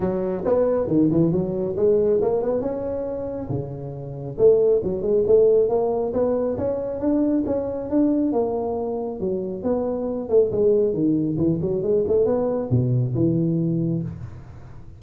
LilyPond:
\new Staff \with { instrumentName = "tuba" } { \time 4/4 \tempo 4 = 137 fis4 b4 dis8 e8 fis4 | gis4 ais8 b8 cis'2 | cis2 a4 fis8 gis8 | a4 ais4 b4 cis'4 |
d'4 cis'4 d'4 ais4~ | ais4 fis4 b4. a8 | gis4 dis4 e8 fis8 gis8 a8 | b4 b,4 e2 | }